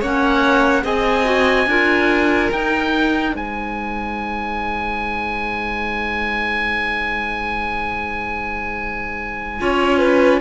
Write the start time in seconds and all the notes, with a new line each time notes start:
0.00 A#3 C#4 C#5 F#5
0.83 C4 G#4 D#5 G#5
1.24 F#4
1.66 D4 F4 A#4
2.52 D#4 G5
3.34 G#3 C5 G#5
9.59 C#4 F4 C#5
9.98 B4